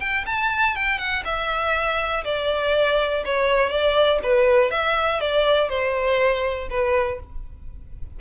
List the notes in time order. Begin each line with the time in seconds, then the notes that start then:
0.00 G5
0.26 A5
0.76 G5
0.98 F#5
1.25 E5
2.24 D5
3.25 C#5
3.70 D5
4.23 B4
4.71 E5
5.20 D5
5.69 C5
6.70 B4